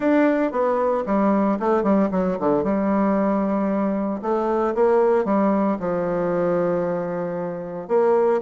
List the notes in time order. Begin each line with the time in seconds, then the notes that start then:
0.00 D4
0.51 B3
1.06 G3
1.59 A3
1.83 G3
2.11 F#3
2.39 D3
2.63 G3
4.22 A3
4.75 A#3
5.25 G3
5.79 F3
7.88 A#3